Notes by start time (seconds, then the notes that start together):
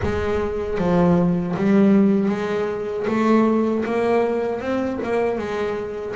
0.02 G#3
0.78 F3
1.56 G3
2.29 G#3
3.07 A3
3.85 A#3
4.60 C4
5.03 A#3
5.38 G#3